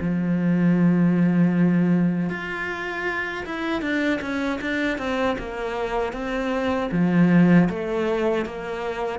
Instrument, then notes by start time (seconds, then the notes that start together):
cello
0.00 F3
2.29 F4
3.45 E4
3.81 D4
4.21 C#4
4.61 D4
4.98 C4
5.38 A#3
6.13 C4
6.92 F3
7.69 A3
8.45 A#3